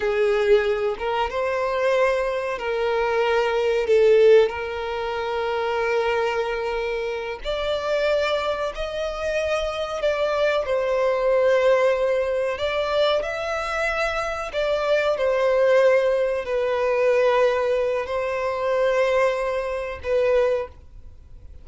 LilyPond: \new Staff \with { instrumentName = "violin" } { \time 4/4 \tempo 4 = 93 gis'4. ais'8 c''2 | ais'2 a'4 ais'4~ | ais'2.~ ais'8 d''8~ | d''4. dis''2 d''8~ |
d''8 c''2. d''8~ | d''8 e''2 d''4 c''8~ | c''4. b'2~ b'8 | c''2. b'4 | }